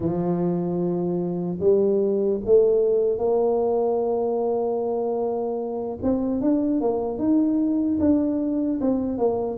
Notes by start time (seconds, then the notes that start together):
0.00 F3
1.60 G3
2.45 A3
3.18 A#3
6.02 C4
6.41 D4
6.80 A#3
7.18 D#4
8.00 D4
8.80 C4
9.18 A#3